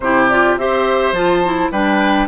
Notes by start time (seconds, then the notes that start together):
0.00 C3 E4 G4 C5
0.28 F4 D5
0.57 C4 G4 C5 E5
1.11 F3 F4 A5
1.44 E4
1.71 G3 D4 B4 G5